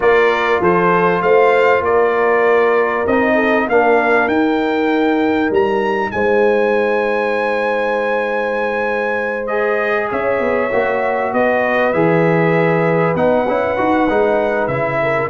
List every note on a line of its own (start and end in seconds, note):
0.00 0.60 A#3
0.00 3.06 F4
0.00 0.61 A#4
0.00 0.62 D5
0.60 1.21 F3
0.60 1.22 A4
0.60 1.22 C5
1.21 1.81 A3
1.21 1.84 C5
1.21 1.83 F5
1.81 3.03 A#3
1.81 3.34 A#4
1.81 3.06 D5
3.06 3.67 C4
3.06 3.69 D#4
3.06 3.67 D#5
3.34 3.65 A4
3.67 4.27 A#3
3.67 4.30 D4
3.67 6.11 A#4
3.67 4.28 F5
4.27 5.49 D#4
4.27 9.48 D#4
4.27 5.50 G5
5.50 6.11 G3
5.50 6.11 A#5
6.11 10.11 G#3
6.11 10.11 C5
6.11 9.46 G#5
9.46 10.70 G#4
9.46 10.08 D#5
10.11 10.39 C#4
10.11 11.33 C#5
10.11 11.33 E5
10.39 10.70 B3
10.71 11.32 A#3
10.71 11.93 F#4
11.32 11.93 B3
11.32 15.01 B4
11.32 11.93 D#5
11.93 13.15 E3
11.93 13.15 G#4
11.93 13.15 E5
13.15 13.46 B3
13.15 13.46 D#4
13.15 14.67 F#5
13.47 13.78 C#4
13.47 13.77 E4
13.77 14.09 D#4
13.77 14.07 F#4
14.09 14.68 G#3
14.09 14.70 D#4
14.67 15.29 C#3
14.67 15.29 E4
14.67 15.28 E5
15.02 15.29 A#4